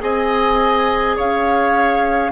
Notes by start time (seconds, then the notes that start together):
0.00 C4 G#4 D#5 G#5
1.16 C#4 C#5 F5